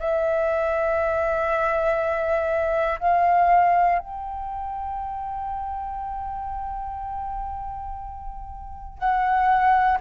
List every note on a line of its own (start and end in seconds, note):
0.00 3.00 E5
3.00 3.99 F5
3.99 8.99 G5
8.99 9.99 F#5